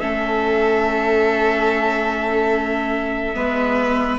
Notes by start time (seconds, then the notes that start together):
0.00 A3 C#4 A4 E5
3.35 G#3 B3 B4